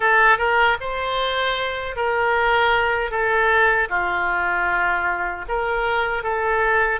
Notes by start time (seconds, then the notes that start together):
0.00 A4
0.38 A#4
0.80 C5
1.96 A#4
3.10 A4
3.89 F4
5.48 A#4
6.23 A4